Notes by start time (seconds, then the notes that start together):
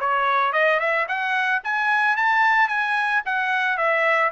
0.00 C#5
0.53 D#5
0.80 E5
1.08 F#5
1.64 G#5
2.16 A5
2.68 G#5
3.25 F#5
3.77 E5